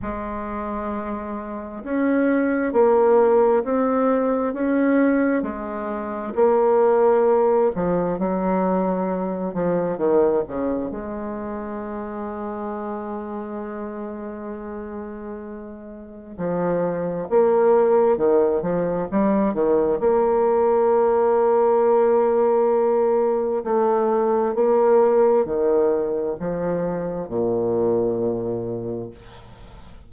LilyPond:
\new Staff \with { instrumentName = "bassoon" } { \time 4/4 \tempo 4 = 66 gis2 cis'4 ais4 | c'4 cis'4 gis4 ais4~ | ais8 f8 fis4. f8 dis8 cis8 | gis1~ |
gis2 f4 ais4 | dis8 f8 g8 dis8 ais2~ | ais2 a4 ais4 | dis4 f4 ais,2 | }